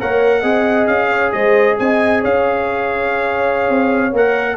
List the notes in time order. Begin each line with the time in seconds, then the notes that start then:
0.00 A#3 A#4 C#5 F#5
0.41 C4 G#4 D#5
0.87 C#4 F5
1.10 C#5
1.32 G#3 C5 D#5
1.79 C4 D#5 G#5
2.22 C#4 C#5 F5
3.70 C4
4.13 A#3 A#4 F#5